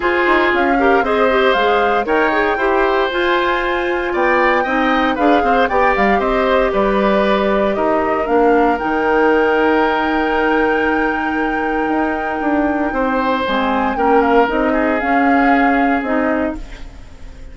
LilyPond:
<<
  \new Staff \with { instrumentName = "flute" } { \time 4/4 \tempo 4 = 116 c''4 f''4 dis''4 f''4 | g''2 gis''2 | g''2 f''4 g''8 f''8 | dis''4 d''2 dis''4 |
f''4 g''2.~ | g''1~ | g''2 gis''4 g''8 f''8 | dis''4 f''2 dis''4 | }
  \new Staff \with { instrumentName = "oboe" } { \time 4/4 gis'4. ais'8 c''2 | cis''4 c''2. | d''4 dis''4 b'8 c''8 d''4 | c''4 b'2 ais'4~ |
ais'1~ | ais'1~ | ais'4 c''2 ais'4~ | ais'8 gis'2.~ gis'8 | }
  \new Staff \with { instrumentName = "clarinet" } { \time 4/4 f'4. g'8 gis'8 g'8 gis'4 | ais'8 gis'8 g'4 f'2~ | f'4 dis'4 gis'4 g'4~ | g'1 |
d'4 dis'2.~ | dis'1~ | dis'2 c'4 cis'4 | dis'4 cis'2 dis'4 | }
  \new Staff \with { instrumentName = "bassoon" } { \time 4/4 f'8 dis'8 cis'4 c'4 gis4 | dis'4 e'4 f'2 | b4 c'4 d'8 c'8 b8 g8 | c'4 g2 dis'4 |
ais4 dis2.~ | dis2. dis'4 | d'4 c'4 gis4 ais4 | c'4 cis'2 c'4 | }
>>